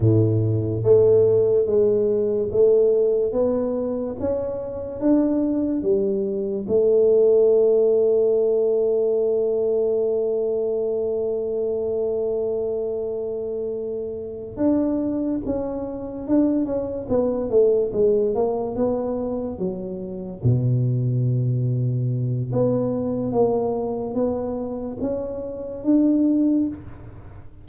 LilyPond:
\new Staff \with { instrumentName = "tuba" } { \time 4/4 \tempo 4 = 72 a,4 a4 gis4 a4 | b4 cis'4 d'4 g4 | a1~ | a1~ |
a4. d'4 cis'4 d'8 | cis'8 b8 a8 gis8 ais8 b4 fis8~ | fis8 b,2~ b,8 b4 | ais4 b4 cis'4 d'4 | }